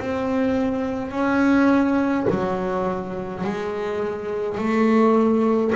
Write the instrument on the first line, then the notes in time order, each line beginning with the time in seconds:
double bass
0.00 C4
1.11 C#4
2.30 F#3
3.44 G#3
4.58 A3